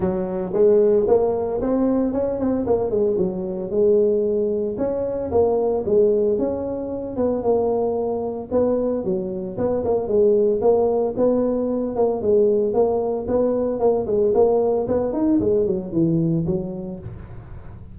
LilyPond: \new Staff \with { instrumentName = "tuba" } { \time 4/4 \tempo 4 = 113 fis4 gis4 ais4 c'4 | cis'8 c'8 ais8 gis8 fis4 gis4~ | gis4 cis'4 ais4 gis4 | cis'4. b8 ais2 |
b4 fis4 b8 ais8 gis4 | ais4 b4. ais8 gis4 | ais4 b4 ais8 gis8 ais4 | b8 dis'8 gis8 fis8 e4 fis4 | }